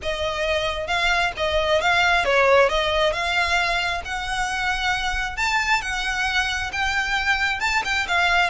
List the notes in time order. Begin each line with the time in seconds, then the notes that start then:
0.02 D#5
0.87 F5
1.37 D#5
1.81 F5
2.24 C#5
2.69 D#5
3.12 F5
4.04 F#5
5.36 A5
5.81 F#5
6.72 G5
7.60 A5
7.84 G5
8.07 F5